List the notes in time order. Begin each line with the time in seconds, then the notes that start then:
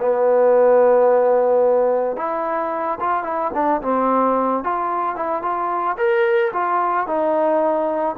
0.00 B3
2.17 E4
3.00 F4
3.24 E4
3.55 D4
3.82 C4
4.64 F4
5.16 E4
5.43 F4
5.98 A#4
6.54 F4
7.07 D#4